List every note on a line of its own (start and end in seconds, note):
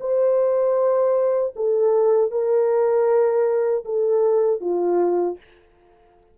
0.00 1.54 C5
1.56 2.31 A4
2.31 3.85 A#4
3.85 4.60 A4
4.60 5.37 F4